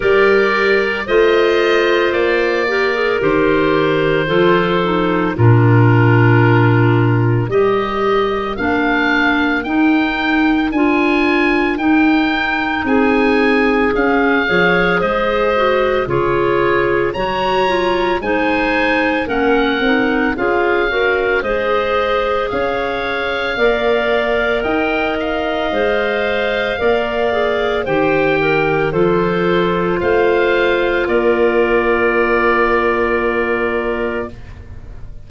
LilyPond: <<
  \new Staff \with { instrumentName = "oboe" } { \time 4/4 \tempo 4 = 56 d''4 dis''4 d''4 c''4~ | c''4 ais'2 dis''4 | f''4 g''4 gis''4 g''4 | gis''4 f''4 dis''4 cis''4 |
ais''4 gis''4 fis''4 f''4 | dis''4 f''2 g''8 f''8~ | f''2 g''4 c''4 | f''4 d''2. | }
  \new Staff \with { instrumentName = "clarinet" } { \time 4/4 ais'4 c''4. ais'4. | a'4 f'2 ais'4~ | ais'1 | gis'4. cis''8 c''4 gis'4 |
cis''4 c''4 ais'4 gis'8 ais'8 | c''4 cis''4 d''4 dis''4~ | dis''4 d''4 c''8 ais'8 a'4 | c''4 ais'2. | }
  \new Staff \with { instrumentName = "clarinet" } { \time 4/4 g'4 f'4. g'16 gis'16 g'4 | f'8 dis'8 d'2 g'4 | d'4 dis'4 f'4 dis'4~ | dis'4 cis'8 gis'4 fis'8 f'4 |
fis'8 f'8 dis'4 cis'8 dis'8 f'8 fis'8 | gis'2 ais'2 | c''4 ais'8 gis'8 g'4 f'4~ | f'1 | }
  \new Staff \with { instrumentName = "tuba" } { \time 4/4 g4 a4 ais4 dis4 | f4 ais,2 g4 | ais4 dis'4 d'4 dis'4 | c'4 cis'8 f8 gis4 cis4 |
fis4 gis4 ais8 c'8 cis'4 | gis4 cis'4 ais4 dis'4 | gis4 ais4 dis4 f4 | a4 ais2. | }
>>